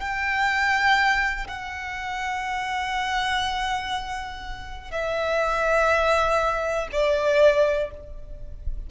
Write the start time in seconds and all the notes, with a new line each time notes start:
0.00 G5
1.48 F#5
4.91 E5
6.93 D5